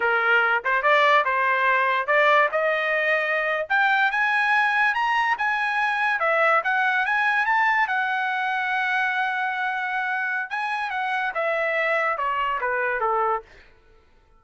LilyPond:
\new Staff \with { instrumentName = "trumpet" } { \time 4/4 \tempo 4 = 143 ais'4. c''8 d''4 c''4~ | c''4 d''4 dis''2~ | dis''8. g''4 gis''2 ais''16~ | ais''8. gis''2 e''4 fis''16~ |
fis''8. gis''4 a''4 fis''4~ fis''16~ | fis''1~ | fis''4 gis''4 fis''4 e''4~ | e''4 cis''4 b'4 a'4 | }